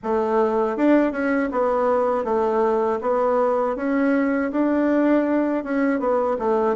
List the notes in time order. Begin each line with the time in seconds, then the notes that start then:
0.03 A3
0.77 D4
1.11 C#4
1.51 B3
2.24 A3
3.01 B3
3.76 C#4
4.51 D4
5.64 C#4
5.99 B3
6.38 A3